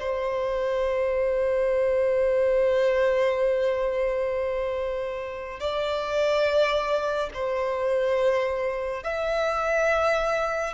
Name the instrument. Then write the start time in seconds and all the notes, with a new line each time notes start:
violin
0.00 C5
5.60 D5
7.34 C5
9.04 E5